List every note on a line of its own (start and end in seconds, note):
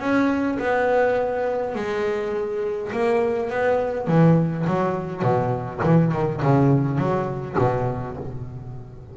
0.00 0.58 C#4
0.59 1.75 B3
1.75 2.92 G#3
2.92 3.50 A#3
3.50 4.08 B3
4.08 4.66 E3
4.67 5.22 F#3
5.22 5.80 B2
5.83 6.12 E3
6.12 6.41 D#3
6.42 6.98 C#3
6.98 7.56 F#3
7.59 8.17 B2